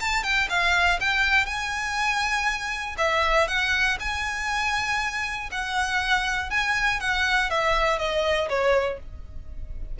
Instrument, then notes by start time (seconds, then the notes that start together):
violin
0.00 A5
0.23 G5
0.49 F5
1.00 G5
1.46 G#5
2.97 E5
3.48 F#5
4.00 G#5
5.52 F#5
6.50 G#5
7.00 F#5
7.50 E5
7.99 D#5
8.49 C#5